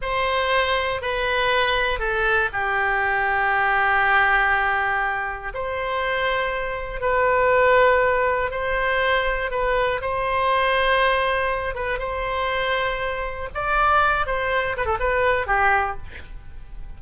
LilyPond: \new Staff \with { instrumentName = "oboe" } { \time 4/4 \tempo 4 = 120 c''2 b'2 | a'4 g'2.~ | g'2. c''4~ | c''2 b'2~ |
b'4 c''2 b'4 | c''2.~ c''8 b'8 | c''2. d''4~ | d''8 c''4 b'16 a'16 b'4 g'4 | }